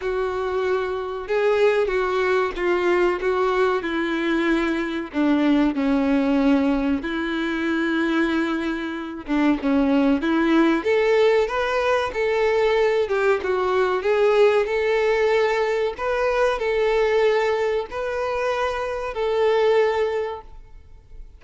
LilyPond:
\new Staff \with { instrumentName = "violin" } { \time 4/4 \tempo 4 = 94 fis'2 gis'4 fis'4 | f'4 fis'4 e'2 | d'4 cis'2 e'4~ | e'2~ e'8 d'8 cis'4 |
e'4 a'4 b'4 a'4~ | a'8 g'8 fis'4 gis'4 a'4~ | a'4 b'4 a'2 | b'2 a'2 | }